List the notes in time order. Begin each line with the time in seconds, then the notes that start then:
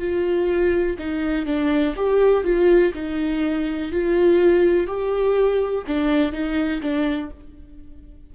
0.00 F4
0.99 D#4
1.46 D4
1.97 G4
2.44 F4
2.95 D#4
3.92 F4
4.87 G4
5.87 D4
6.33 D#4
6.82 D4